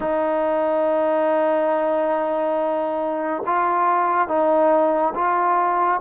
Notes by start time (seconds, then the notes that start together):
0.00 D#4
3.46 F4
4.27 D#4
5.14 F4